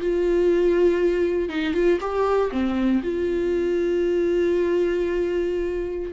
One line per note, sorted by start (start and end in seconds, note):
0.00 1.49 F4
1.49 1.74 D#4
1.74 1.99 F4
2.01 2.51 G4
2.51 3.01 C4
3.03 6.12 F4